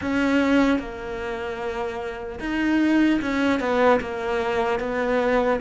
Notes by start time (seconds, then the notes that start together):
0.01 C#4
0.79 A#3
2.40 D#4
3.21 C#4
3.60 B3
4.00 A#3
4.79 B3